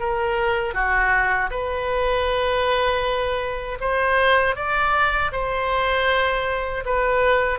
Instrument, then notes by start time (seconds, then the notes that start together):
oboe
0.00 A#4
0.74 F#4
1.51 B4
3.81 C5
4.56 D5
5.32 C5
6.86 B4